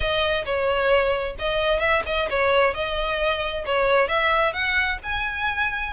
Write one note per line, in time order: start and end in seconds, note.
0.00 0.44 D#5
0.45 1.36 C#5
1.38 1.79 D#5
1.79 2.02 E5
2.06 2.28 D#5
2.30 2.74 C#5
2.74 3.64 D#5
3.65 4.08 C#5
4.08 4.53 E5
4.53 4.98 F#5
5.03 5.93 G#5